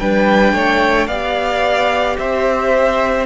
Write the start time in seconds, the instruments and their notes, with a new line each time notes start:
0.00 cello G3, viola D4, violin B4 G5
0.53 cello A3, violin C#5
1.07 cello B3, viola G4, violin D5 F5
2.19 cello C4, violin C5 E5